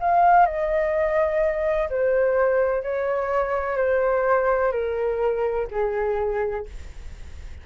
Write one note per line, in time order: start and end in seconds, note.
0.00 0.46 F5
0.46 1.89 D#5
1.90 2.83 C5
2.83 3.77 C#5
3.77 4.72 C5
4.72 5.67 A#4
5.71 6.66 G#4